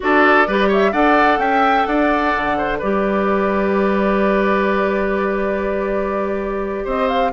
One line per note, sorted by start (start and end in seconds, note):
0.00 0.47 D4
0.00 0.45 F#4
0.00 0.47 A4
0.00 0.72 D5
0.47 0.93 G3
0.47 0.92 G4
0.47 0.68 B4
0.68 0.91 C#5
0.68 0.92 E5
0.92 1.38 D4
0.92 2.78 A4
0.92 1.38 D5
0.92 1.39 F#5
1.38 1.84 C#4
1.38 1.87 E5
1.38 1.85 G5
1.85 2.34 D4
1.85 2.57 D5
1.85 2.78 F#5
2.36 2.81 D3
2.57 2.78 C5
2.78 6.86 G3
2.78 7.32 G4
2.78 6.84 B4
2.78 6.86 D5
6.84 7.32 C4
6.84 7.30 C5
6.84 7.08 D#5
7.08 7.31 F5